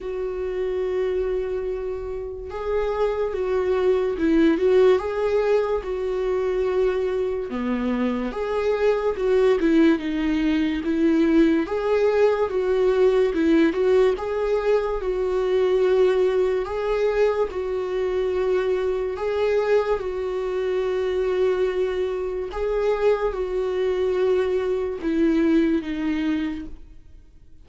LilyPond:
\new Staff \with { instrumentName = "viola" } { \time 4/4 \tempo 4 = 72 fis'2. gis'4 | fis'4 e'8 fis'8 gis'4 fis'4~ | fis'4 b4 gis'4 fis'8 e'8 | dis'4 e'4 gis'4 fis'4 |
e'8 fis'8 gis'4 fis'2 | gis'4 fis'2 gis'4 | fis'2. gis'4 | fis'2 e'4 dis'4 | }